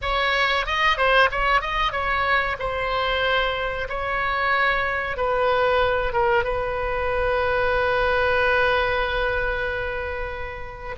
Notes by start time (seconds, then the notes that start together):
0.01 C#5
0.65 D#5
0.97 C5
1.31 C#5
1.61 D#5
1.91 C#5
2.59 C5
3.89 C#5
5.16 B4
6.12 A#4
6.43 B4